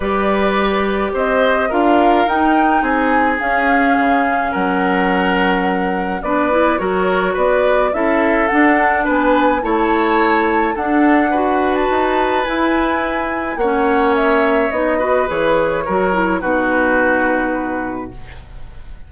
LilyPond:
<<
  \new Staff \with { instrumentName = "flute" } { \time 4/4 \tempo 4 = 106 d''2 dis''4 f''4 | g''4 gis''4 f''2 | fis''2. d''4 | cis''4 d''4 e''4 fis''4 |
gis''4 a''2 fis''4~ | fis''8. a''4~ a''16 gis''2 | fis''4 e''4 dis''4 cis''4~ | cis''4 b'2. | }
  \new Staff \with { instrumentName = "oboe" } { \time 4/4 b'2 c''4 ais'4~ | ais'4 gis'2. | ais'2. b'4 | ais'4 b'4 a'2 |
b'4 cis''2 a'4 | b'1 | cis''2~ cis''8 b'4. | ais'4 fis'2. | }
  \new Staff \with { instrumentName = "clarinet" } { \time 4/4 g'2. f'4 | dis'2 cis'2~ | cis'2. d'8 e'8 | fis'2 e'4 d'4~ |
d'4 e'2 d'4 | fis'2 e'2 | cis'2 dis'8 fis'8 gis'4 | fis'8 e'8 dis'2. | }
  \new Staff \with { instrumentName = "bassoon" } { \time 4/4 g2 c'4 d'4 | dis'4 c'4 cis'4 cis4 | fis2. b4 | fis4 b4 cis'4 d'4 |
b4 a2 d'4~ | d'4 dis'4 e'2 | ais2 b4 e4 | fis4 b,2. | }
>>